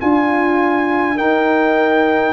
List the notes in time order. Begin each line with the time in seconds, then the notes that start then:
0.00 D4 F4 G#5
1.15 D#4 A#4 G5